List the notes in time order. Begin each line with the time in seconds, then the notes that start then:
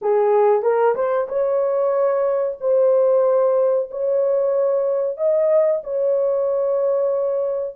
0.01 G#4
0.62 A#4
0.95 C5
1.28 C#5
2.60 C5
3.90 C#5
5.17 D#5
5.83 C#5